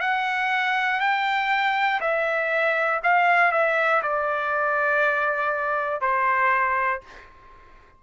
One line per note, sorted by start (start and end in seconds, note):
0.00 1.00 F#5
1.00 2.00 G5
2.01 3.01 E5
3.03 3.52 F5
3.52 4.02 E5
4.03 6.01 D5
6.01 7.01 C5